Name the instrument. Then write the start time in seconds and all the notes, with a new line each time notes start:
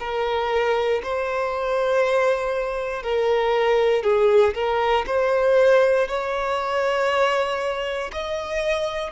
violin
0.00 A#4
1.04 C5
3.03 A#4
4.04 G#4
4.55 A#4
5.07 C5
6.08 C#5
8.13 D#5